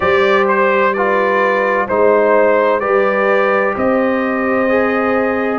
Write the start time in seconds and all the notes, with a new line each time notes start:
0.00 G3 G4 C5 D5
0.47 C5
0.93 F4 B4 D5
1.87 G#3 D#4 C5
2.80 G3 G4 B4 D5
3.75 C4 C5 D#5
4.68 G#4